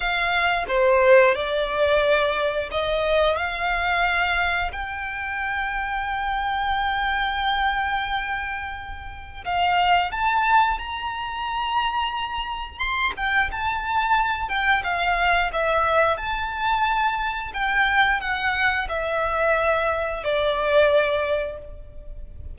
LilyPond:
\new Staff \with { instrumentName = "violin" } { \time 4/4 \tempo 4 = 89 f''4 c''4 d''2 | dis''4 f''2 g''4~ | g''1~ | g''2 f''4 a''4 |
ais''2. c'''8 g''8 | a''4. g''8 f''4 e''4 | a''2 g''4 fis''4 | e''2 d''2 | }